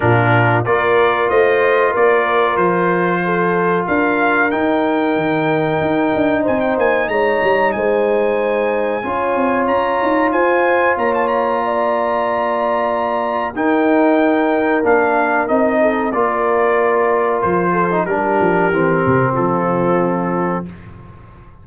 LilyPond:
<<
  \new Staff \with { instrumentName = "trumpet" } { \time 4/4 \tempo 4 = 93 ais'4 d''4 dis''4 d''4 | c''2 f''4 g''4~ | g''2 gis''16 g''16 gis''8 ais''4 | gis''2. ais''4 |
gis''4 ais''16 a''16 ais''2~ ais''8~ | ais''4 g''2 f''4 | dis''4 d''2 c''4 | ais'2 a'2 | }
  \new Staff \with { instrumentName = "horn" } { \time 4/4 f'4 ais'4 c''4 ais'4~ | ais'4 a'4 ais'2~ | ais'2 c''4 cis''4 | c''2 cis''2 |
c''4 cis''4 d''2~ | d''4 ais'2.~ | ais'8 a'8 ais'2~ ais'8 a'8 | g'2 f'2 | }
  \new Staff \with { instrumentName = "trombone" } { \time 4/4 d'4 f'2.~ | f'2. dis'4~ | dis'1~ | dis'2 f'2~ |
f'1~ | f'4 dis'2 d'4 | dis'4 f'2~ f'8. dis'16 | d'4 c'2. | }
  \new Staff \with { instrumentName = "tuba" } { \time 4/4 ais,4 ais4 a4 ais4 | f2 d'4 dis'4 | dis4 dis'8 d'8 c'8 ais8 gis8 g8 | gis2 cis'8 c'8 cis'8 dis'8 |
f'4 ais2.~ | ais4 dis'2 ais4 | c'4 ais2 f4 | g8 f8 e8 c8 f2 | }
>>